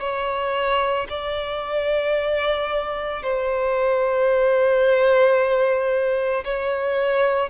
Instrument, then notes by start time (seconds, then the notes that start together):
violin
0.00 C#5
1.09 D5
3.22 C5
6.44 C#5